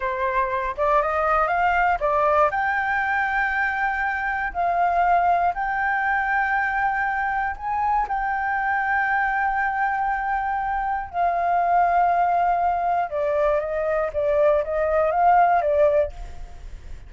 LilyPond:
\new Staff \with { instrumentName = "flute" } { \time 4/4 \tempo 4 = 119 c''4. d''8 dis''4 f''4 | d''4 g''2.~ | g''4 f''2 g''4~ | g''2. gis''4 |
g''1~ | g''2 f''2~ | f''2 d''4 dis''4 | d''4 dis''4 f''4 d''4 | }